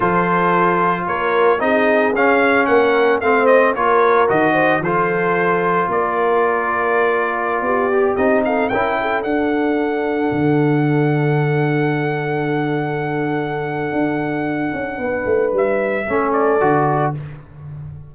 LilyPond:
<<
  \new Staff \with { instrumentName = "trumpet" } { \time 4/4 \tempo 4 = 112 c''2 cis''4 dis''4 | f''4 fis''4 f''8 dis''8 cis''4 | dis''4 c''2 d''4~ | d''2.~ d''16 dis''8 f''16~ |
f''16 g''4 fis''2~ fis''8.~ | fis''1~ | fis''1~ | fis''4 e''4. d''4. | }
  \new Staff \with { instrumentName = "horn" } { \time 4/4 a'2 ais'4 gis'4~ | gis'4 ais'4 c''4 ais'4~ | ais'8 c''8 a'2 ais'4~ | ais'2~ ais'16 g'4. a'16~ |
a'16 ais'8 a'2.~ a'16~ | a'1~ | a'1 | b'2 a'2 | }
  \new Staff \with { instrumentName = "trombone" } { \time 4/4 f'2. dis'4 | cis'2 c'4 f'4 | fis'4 f'2.~ | f'2~ f'8. g'8 dis'8.~ |
dis'16 e'4 d'2~ d'8.~ | d'1~ | d'1~ | d'2 cis'4 fis'4 | }
  \new Staff \with { instrumentName = "tuba" } { \time 4/4 f2 ais4 c'4 | cis'4 ais4 a4 ais4 | dis4 f2 ais4~ | ais2~ ais16 b4 c'8.~ |
c'16 cis'4 d'2 d8.~ | d1~ | d2 d'4. cis'8 | b8 a8 g4 a4 d4 | }
>>